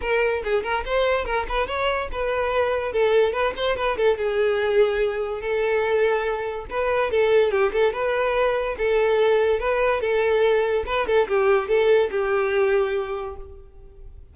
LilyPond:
\new Staff \with { instrumentName = "violin" } { \time 4/4 \tempo 4 = 144 ais'4 gis'8 ais'8 c''4 ais'8 b'8 | cis''4 b'2 a'4 | b'8 c''8 b'8 a'8 gis'2~ | gis'4 a'2. |
b'4 a'4 g'8 a'8 b'4~ | b'4 a'2 b'4 | a'2 b'8 a'8 g'4 | a'4 g'2. | }